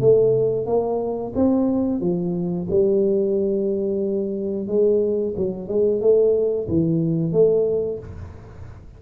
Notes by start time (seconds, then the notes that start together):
0.00 A3
0.66 A#3
1.35 C4
2.00 F3
2.70 G3
4.67 G#3
5.36 F#3
5.68 G#3
6.01 A3
6.68 E3
7.32 A3